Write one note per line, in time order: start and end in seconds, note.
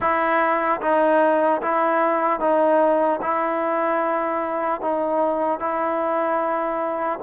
0.00 0.80 E4
0.81 1.61 D#4
1.61 2.40 E4
2.40 3.20 D#4
3.21 4.81 E4
4.81 5.59 D#4
5.59 7.19 E4